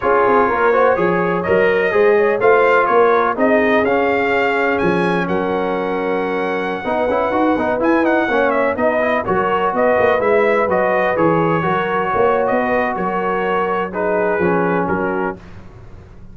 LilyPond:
<<
  \new Staff \with { instrumentName = "trumpet" } { \time 4/4 \tempo 4 = 125 cis''2. dis''4~ | dis''4 f''4 cis''4 dis''4 | f''2 gis''4 fis''4~ | fis''1~ |
fis''16 gis''8 fis''4 e''8 dis''4 cis''8.~ | cis''16 dis''4 e''4 dis''4 cis''8.~ | cis''2 dis''4 cis''4~ | cis''4 b'2 ais'4 | }
  \new Staff \with { instrumentName = "horn" } { \time 4/4 gis'4 ais'8 c''8 cis''2 | c''8 cis''8 c''4 ais'4 gis'4~ | gis'2. ais'4~ | ais'2~ ais'16 b'4.~ b'16~ |
b'4~ b'16 cis''4 b'4 ais'8.~ | ais'16 b'2.~ b'8.~ | b'16 ais'4 cis''4 b'8. ais'4~ | ais'4 gis'2 fis'4 | }
  \new Staff \with { instrumentName = "trombone" } { \time 4/4 f'4. fis'8 gis'4 ais'4 | gis'4 f'2 dis'4 | cis'1~ | cis'2~ cis'16 dis'8 e'8 fis'8 dis'16~ |
dis'16 e'8 dis'8 cis'4 dis'8 e'8 fis'8.~ | fis'4~ fis'16 e'4 fis'4 gis'8.~ | gis'16 fis'2.~ fis'8.~ | fis'4 dis'4 cis'2 | }
  \new Staff \with { instrumentName = "tuba" } { \time 4/4 cis'8 c'8 ais4 f4 fis4 | gis4 a4 ais4 c'4 | cis'2 f4 fis4~ | fis2~ fis16 b8 cis'8 dis'8 b16~ |
b16 e'4 ais4 b4 fis8.~ | fis16 b8 ais8 gis4 fis4 e8.~ | e16 fis4 ais8. b4 fis4~ | fis2 f4 fis4 | }
>>